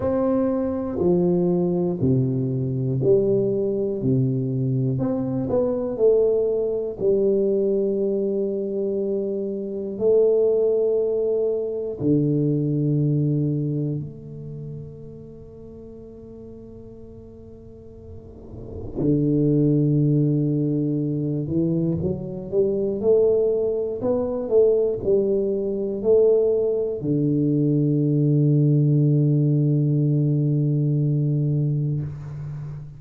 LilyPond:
\new Staff \with { instrumentName = "tuba" } { \time 4/4 \tempo 4 = 60 c'4 f4 c4 g4 | c4 c'8 b8 a4 g4~ | g2 a2 | d2 a2~ |
a2. d4~ | d4. e8 fis8 g8 a4 | b8 a8 g4 a4 d4~ | d1 | }